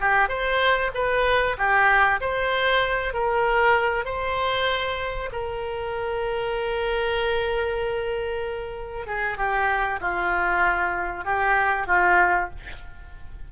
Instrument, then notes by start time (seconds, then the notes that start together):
oboe
0.00 G4
0.28 C5
0.94 B4
1.57 G4
2.20 C5
3.13 A#4
4.05 C5
5.32 A#4
9.06 G#4
9.37 G4
10.00 F4
11.24 G4
11.87 F4